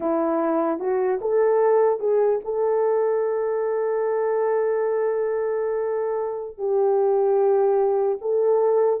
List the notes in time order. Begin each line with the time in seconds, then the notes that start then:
0.00 E4
0.79 F#4
1.21 A4
1.99 G#4
2.44 A4
6.58 G4
8.21 A4